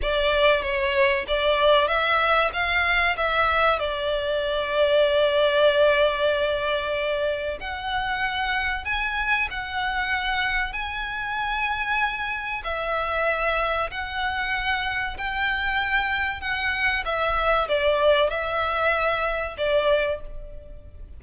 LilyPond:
\new Staff \with { instrumentName = "violin" } { \time 4/4 \tempo 4 = 95 d''4 cis''4 d''4 e''4 | f''4 e''4 d''2~ | d''1 | fis''2 gis''4 fis''4~ |
fis''4 gis''2. | e''2 fis''2 | g''2 fis''4 e''4 | d''4 e''2 d''4 | }